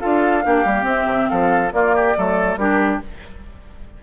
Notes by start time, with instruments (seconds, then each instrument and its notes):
0.00 bassoon D4, clarinet F4, oboe A4, flute F5
0.43 bassoon A#3, clarinet D4, oboe G4
0.65 bassoon G3, clarinet A#3
0.82 clarinet C4, bassoon C4, flute E5
1.05 bassoon C3
1.29 bassoon F3, oboe A4, flute F5
1.72 clarinet A#3, bassoon A#3, oboe F4, flute D5
1.95 oboe G4
2.16 bassoon F#3, clarinet A3, oboe A4
2.56 bassoon G3, clarinet D4, oboe G4, flute A#4